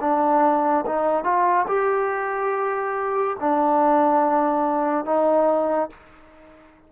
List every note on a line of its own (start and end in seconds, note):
0.00 0.85 D4
0.86 1.24 D#4
1.24 1.66 F4
1.67 3.36 G4
3.40 5.05 D4
5.05 5.90 D#4